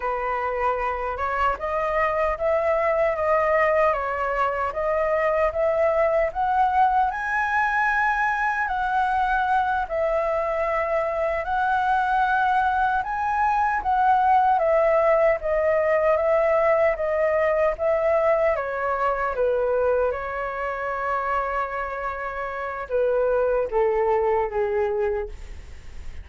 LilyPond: \new Staff \with { instrumentName = "flute" } { \time 4/4 \tempo 4 = 76 b'4. cis''8 dis''4 e''4 | dis''4 cis''4 dis''4 e''4 | fis''4 gis''2 fis''4~ | fis''8 e''2 fis''4.~ |
fis''8 gis''4 fis''4 e''4 dis''8~ | dis''8 e''4 dis''4 e''4 cis''8~ | cis''8 b'4 cis''2~ cis''8~ | cis''4 b'4 a'4 gis'4 | }